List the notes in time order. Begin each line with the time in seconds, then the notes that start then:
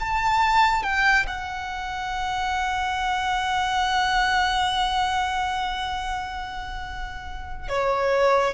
0.00 A5
0.83 G5
1.27 F#5
7.69 C#5